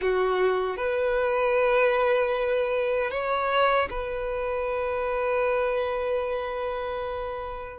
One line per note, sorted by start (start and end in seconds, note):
0.01 0.77 F#4
0.77 3.10 B4
3.10 3.88 C#5
3.90 7.79 B4